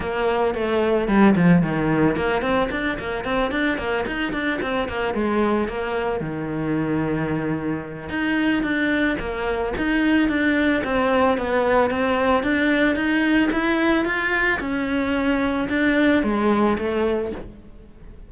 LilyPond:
\new Staff \with { instrumentName = "cello" } { \time 4/4 \tempo 4 = 111 ais4 a4 g8 f8 dis4 | ais8 c'8 d'8 ais8 c'8 d'8 ais8 dis'8 | d'8 c'8 ais8 gis4 ais4 dis8~ | dis2. dis'4 |
d'4 ais4 dis'4 d'4 | c'4 b4 c'4 d'4 | dis'4 e'4 f'4 cis'4~ | cis'4 d'4 gis4 a4 | }